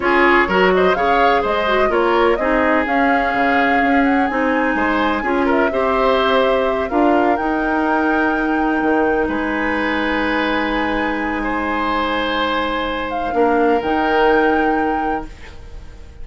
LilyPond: <<
  \new Staff \with { instrumentName = "flute" } { \time 4/4 \tempo 4 = 126 cis''4. dis''8 f''4 dis''4 | cis''4 dis''4 f''2~ | f''8 fis''8 gis''2~ gis''8 e''8~ | e''2~ e''8 f''4 g''8~ |
g''2.~ g''8 gis''8~ | gis''1~ | gis''2.~ gis''8 f''8~ | f''4 g''2. | }
  \new Staff \with { instrumentName = "oboe" } { \time 4/4 gis'4 ais'8 c''8 cis''4 c''4 | ais'4 gis'2.~ | gis'2 c''4 gis'8 ais'8 | c''2~ c''8 ais'4.~ |
ais'2.~ ais'8 b'8~ | b'1 | c''1 | ais'1 | }
  \new Staff \with { instrumentName = "clarinet" } { \time 4/4 f'4 fis'4 gis'4. fis'8 | f'4 dis'4 cis'2~ | cis'4 dis'2 f'4 | g'2~ g'8 f'4 dis'8~ |
dis'1~ | dis'1~ | dis'1 | d'4 dis'2. | }
  \new Staff \with { instrumentName = "bassoon" } { \time 4/4 cis'4 fis4 cis4 gis4 | ais4 c'4 cis'4 cis4 | cis'4 c'4 gis4 cis'4 | c'2~ c'8 d'4 dis'8~ |
dis'2~ dis'8 dis4 gis8~ | gis1~ | gis1 | ais4 dis2. | }
>>